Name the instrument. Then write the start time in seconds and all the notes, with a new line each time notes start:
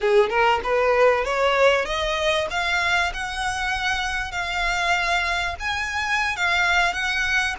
violin
0.00 G#4
0.29 A#4
0.63 B4
1.24 C#5
1.85 D#5
2.50 F5
3.13 F#5
4.31 F5
5.59 G#5
6.36 F5
6.93 F#5